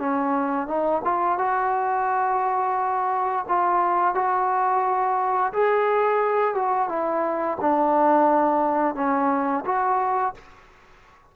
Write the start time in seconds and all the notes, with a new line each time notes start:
0.00 C#4
0.68 D#4
1.05 F4
1.39 F#4
3.49 F4
4.15 F#4
5.53 G#4
6.55 F#4
6.89 E4
7.61 D4
8.96 C#4
9.66 F#4